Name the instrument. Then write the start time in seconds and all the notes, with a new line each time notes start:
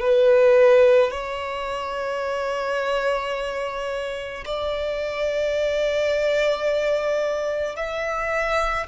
violin
0.00 B4
1.11 C#5
4.45 D5
7.76 E5